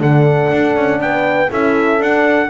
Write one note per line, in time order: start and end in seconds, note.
0.00 0.50 D3
0.00 1.49 D4
0.00 1.01 A4
0.00 1.01 F#5
0.52 0.76 D4
0.76 1.00 C#4
1.00 1.49 B3
1.00 1.50 B4
1.00 1.51 G5
1.50 2.00 C#4
1.50 1.99 E4
1.50 2.49 A4
1.50 2.02 E5
1.99 2.49 D4
1.99 2.50 F#5